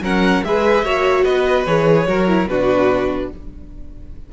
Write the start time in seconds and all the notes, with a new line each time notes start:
0.00 F#3 C#4 A#4 F#5
0.43 G#3 G#4 B4 E5
0.82 A#3 F#4 C#5
1.23 B3 B4 D#5
1.66 E3 G#4 C#5
2.07 F#3 F#4 A#4
2.27 E4
2.46 B2 D4 F#4 B4